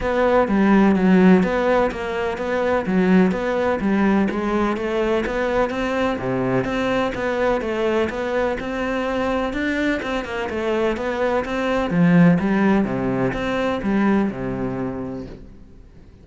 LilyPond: \new Staff \with { instrumentName = "cello" } { \time 4/4 \tempo 4 = 126 b4 g4 fis4 b4 | ais4 b4 fis4 b4 | g4 gis4 a4 b4 | c'4 c4 c'4 b4 |
a4 b4 c'2 | d'4 c'8 ais8 a4 b4 | c'4 f4 g4 c4 | c'4 g4 c2 | }